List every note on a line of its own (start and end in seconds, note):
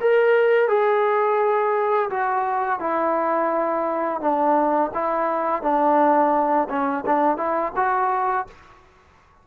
0.00 0.68 A#4
0.68 2.09 G#4
2.10 2.79 F#4
2.79 4.20 E4
4.20 4.91 D4
4.94 5.62 E4
5.62 6.68 D4
6.69 7.04 C#4
7.06 7.37 D4
7.37 7.72 E4
7.76 8.46 F#4